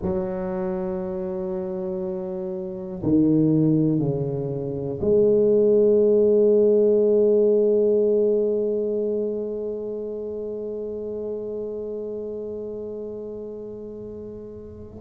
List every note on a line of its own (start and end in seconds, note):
0.01 3.01 F#3
3.03 3.99 D#3
3.99 4.99 C#3
5.00 15.00 G#3